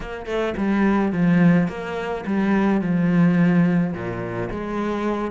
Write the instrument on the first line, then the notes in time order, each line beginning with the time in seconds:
cello
0.00 A#3
0.25 A3
0.57 G3
1.12 F3
1.68 A#3
2.26 G3
2.81 F3
3.93 A#2
4.50 G#3